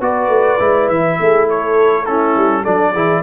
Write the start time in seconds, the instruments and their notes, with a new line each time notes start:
0.00 tuba B3, trombone F#4, horn B4, trumpet D5
0.28 tuba A3
0.59 tuba G#3, trombone E4
0.88 tuba E3, trumpet E5
1.19 tuba A3, horn G#4
1.49 horn A4, trumpet C#5
2.05 trombone C#4, horn E4, trumpet A4
2.36 tuba G3
2.62 tuba F#3, trombone D4, horn A4, trumpet D5
2.93 tuba E3, trombone E4, horn G#4